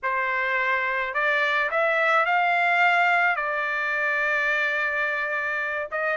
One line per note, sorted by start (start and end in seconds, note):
0.03 1.14 C5
1.14 1.70 D5
1.71 2.25 E5
2.25 3.36 F5
3.36 5.88 D5
5.91 6.17 D#5